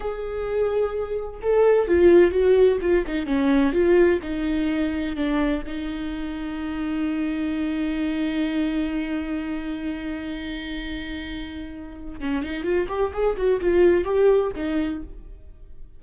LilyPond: \new Staff \with { instrumentName = "viola" } { \time 4/4 \tempo 4 = 128 gis'2. a'4 | f'4 fis'4 f'8 dis'8 cis'4 | f'4 dis'2 d'4 | dis'1~ |
dis'1~ | dis'1~ | dis'2 cis'8 dis'8 f'8 g'8 | gis'8 fis'8 f'4 g'4 dis'4 | }